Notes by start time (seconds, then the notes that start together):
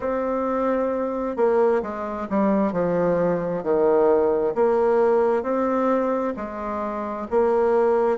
0.00 C4
1.36 A#3
1.82 G#3
2.29 G3
2.72 F3
3.63 D#3
4.55 A#3
5.42 C4
6.36 G#3
7.30 A#3